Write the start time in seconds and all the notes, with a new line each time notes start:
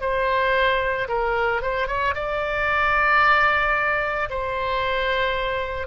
0.00 C5
1.08 A#4
1.61 C5
1.87 C#5
2.14 D5
4.30 C5